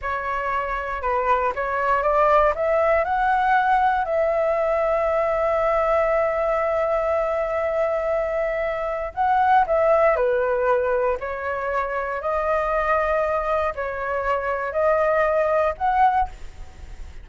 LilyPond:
\new Staff \with { instrumentName = "flute" } { \time 4/4 \tempo 4 = 118 cis''2 b'4 cis''4 | d''4 e''4 fis''2 | e''1~ | e''1~ |
e''2 fis''4 e''4 | b'2 cis''2 | dis''2. cis''4~ | cis''4 dis''2 fis''4 | }